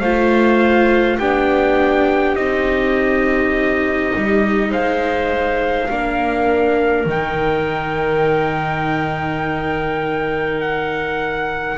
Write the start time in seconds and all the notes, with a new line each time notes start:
0.00 A3 F4 C5 F5
1.18 B3 D4 G4 G5
2.36 C4 D#4 D#5
4.16 G3
4.71 G#3 C5 F5
5.89 A#3 D4 A#4
7.06 D#3 D#4 G5
10.61 F#5